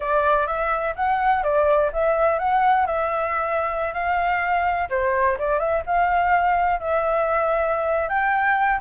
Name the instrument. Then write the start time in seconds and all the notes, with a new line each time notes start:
flute
0.00 D5
0.46 E5
0.95 F#5
1.43 D5
1.93 E5
2.38 F#5
2.86 E5
3.93 F5
4.89 C5
5.38 D5
5.59 E5
5.86 F5
6.80 E5
8.08 G5